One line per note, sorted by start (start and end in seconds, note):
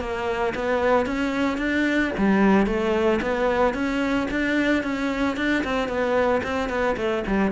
0.00 0.54 A#3
0.55 1.06 B3
1.06 1.58 C#4
1.58 2.11 D4
2.18 2.66 G3
2.66 3.20 A3
3.22 3.74 B3
3.74 4.28 C#4
4.31 4.83 D4
4.83 5.37 C#4
5.37 5.64 D4
5.64 5.88 C4
5.88 6.42 B3
6.43 6.69 C4
6.69 6.96 B3
6.97 7.24 A3
7.27 7.51 G3